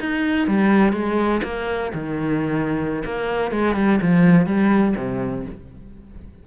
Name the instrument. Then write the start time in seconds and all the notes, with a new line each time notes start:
cello
0.00 D#4
0.48 G3
0.93 G#3
1.44 A#3
1.94 D#3
3.06 A#3
3.52 G#3
3.76 G3
4.02 F3
4.47 G3
4.97 C3